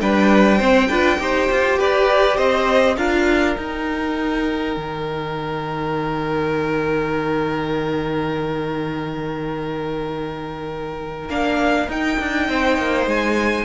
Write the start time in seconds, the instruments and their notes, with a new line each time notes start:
0.00 cello G3, viola D4, violin B4 G5
0.57 cello C4, viola C4, violin C5
0.88 cello D4, viola F4, violin B4
1.18 cello D#4, viola G4, violin C5
1.51 cello F4
1.78 cello G4, violin B4 D5
2.36 cello C4, violin C5 D#5
2.96 cello D4, viola F4, violin A#4 F5
3.56 viola D#4, cello D#4, violin G5
4.76 cello D#3
11.28 cello A#3, viola D4, violin F5
11.88 cello D#4, viola D#4, violin G5
12.19 cello D4
12.48 cello C4, violin C5
12.77 cello A#3
13.06 cello G#3, violin G#5